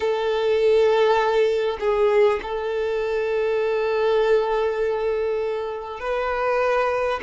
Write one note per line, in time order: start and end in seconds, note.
0.00 1.77 A4
1.79 2.39 G#4
2.42 5.99 A4
5.99 7.19 B4